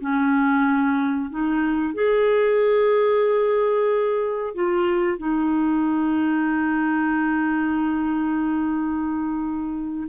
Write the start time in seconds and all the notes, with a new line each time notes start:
0.00 C#4
1.30 D#4
1.94 G#4
4.54 F4
5.18 D#4